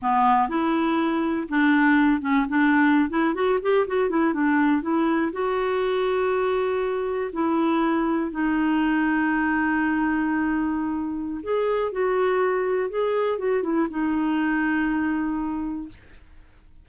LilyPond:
\new Staff \with { instrumentName = "clarinet" } { \time 4/4 \tempo 4 = 121 b4 e'2 d'4~ | d'8 cis'8 d'4~ d'16 e'8 fis'8 g'8 fis'16~ | fis'16 e'8 d'4 e'4 fis'4~ fis'16~ | fis'2~ fis'8. e'4~ e'16~ |
e'8. dis'2.~ dis'16~ | dis'2. gis'4 | fis'2 gis'4 fis'8 e'8 | dis'1 | }